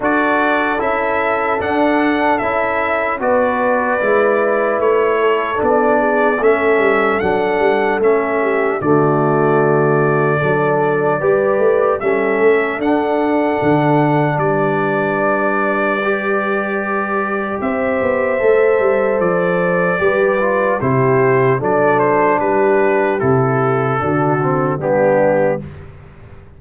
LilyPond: <<
  \new Staff \with { instrumentName = "trumpet" } { \time 4/4 \tempo 4 = 75 d''4 e''4 fis''4 e''4 | d''2 cis''4 d''4 | e''4 fis''4 e''4 d''4~ | d''2. e''4 |
fis''2 d''2~ | d''2 e''2 | d''2 c''4 d''8 c''8 | b'4 a'2 g'4 | }
  \new Staff \with { instrumentName = "horn" } { \time 4/4 a'1 | b'2~ b'8 a'4 gis'8 | a'2~ a'8 g'8 fis'4~ | fis'4 a'4 b'4 a'4~ |
a'2 b'2~ | b'2 c''2~ | c''4 b'4 g'4 a'4 | g'2 fis'4 d'4 | }
  \new Staff \with { instrumentName = "trombone" } { \time 4/4 fis'4 e'4 d'4 e'4 | fis'4 e'2 d'4 | cis'4 d'4 cis'4 a4~ | a4 d'4 g'4 cis'4 |
d'1 | g'2. a'4~ | a'4 g'8 f'8 e'4 d'4~ | d'4 e'4 d'8 c'8 b4 | }
  \new Staff \with { instrumentName = "tuba" } { \time 4/4 d'4 cis'4 d'4 cis'4 | b4 gis4 a4 b4 | a8 g8 fis8 g8 a4 d4~ | d4 fis4 g8 a8 g8 a8 |
d'4 d4 g2~ | g2 c'8 b8 a8 g8 | f4 g4 c4 fis4 | g4 c4 d4 g4 | }
>>